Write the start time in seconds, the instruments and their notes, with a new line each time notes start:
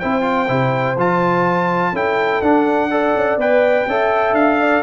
0.00 tuba C4, trombone E4, horn C5, trumpet G5
0.22 trombone F4
0.48 tuba C3, trombone E4
0.97 tuba F3, trombone F4, trumpet A5
1.92 tuba C#4, trombone E4, horn A4, trumpet G5
2.42 tuba D4, trombone D4, trumpet F#5
2.91 trombone A4, horn D5
3.16 tuba C#4
3.37 tuba B3, trombone B4, trumpet G5
3.87 tuba C#4, trombone A4, horn E5
4.33 tuba D4, trumpet F5
4.61 horn D5